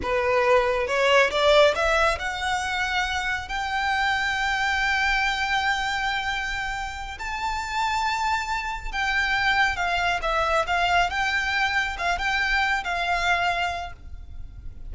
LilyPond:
\new Staff \with { instrumentName = "violin" } { \time 4/4 \tempo 4 = 138 b'2 cis''4 d''4 | e''4 fis''2. | g''1~ | g''1~ |
g''8 a''2.~ a''8~ | a''8 g''2 f''4 e''8~ | e''8 f''4 g''2 f''8 | g''4. f''2~ f''8 | }